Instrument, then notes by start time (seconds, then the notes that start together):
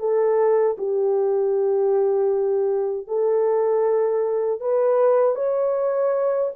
horn
0.00 A4
0.78 G4
3.07 A4
4.61 B4
5.36 C#5